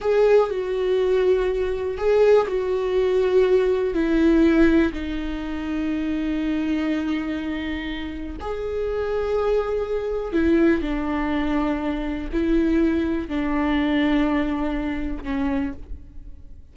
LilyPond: \new Staff \with { instrumentName = "viola" } { \time 4/4 \tempo 4 = 122 gis'4 fis'2. | gis'4 fis'2. | e'2 dis'2~ | dis'1~ |
dis'4 gis'2.~ | gis'4 e'4 d'2~ | d'4 e'2 d'4~ | d'2. cis'4 | }